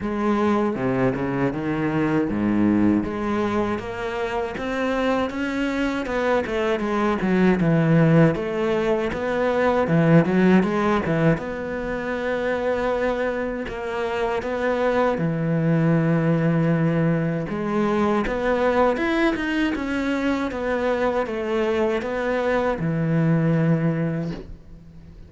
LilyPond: \new Staff \with { instrumentName = "cello" } { \time 4/4 \tempo 4 = 79 gis4 c8 cis8 dis4 gis,4 | gis4 ais4 c'4 cis'4 | b8 a8 gis8 fis8 e4 a4 | b4 e8 fis8 gis8 e8 b4~ |
b2 ais4 b4 | e2. gis4 | b4 e'8 dis'8 cis'4 b4 | a4 b4 e2 | }